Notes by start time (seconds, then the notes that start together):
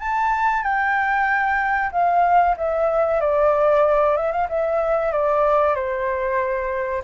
0.00 A5
0.63 G5
1.92 F5
2.57 E5
3.21 D5
4.17 E5
4.32 F5
4.49 E5
5.12 D5
5.75 C5